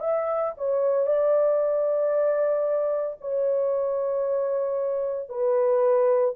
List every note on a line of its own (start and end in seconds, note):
0.00 0.53 E5
0.57 1.07 C#5
1.07 3.17 D5
3.21 5.30 C#5
5.30 6.35 B4